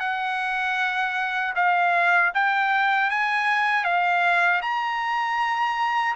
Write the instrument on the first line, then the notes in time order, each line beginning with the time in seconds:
trumpet
0.00 F#5
1.56 F5
2.34 G5
3.11 G#5
3.84 F5
4.62 A#5